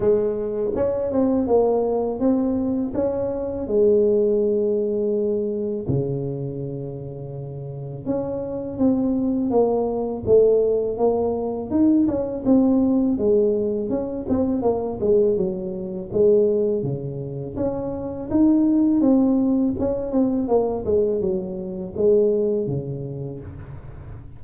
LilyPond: \new Staff \with { instrumentName = "tuba" } { \time 4/4 \tempo 4 = 82 gis4 cis'8 c'8 ais4 c'4 | cis'4 gis2. | cis2. cis'4 | c'4 ais4 a4 ais4 |
dis'8 cis'8 c'4 gis4 cis'8 c'8 | ais8 gis8 fis4 gis4 cis4 | cis'4 dis'4 c'4 cis'8 c'8 | ais8 gis8 fis4 gis4 cis4 | }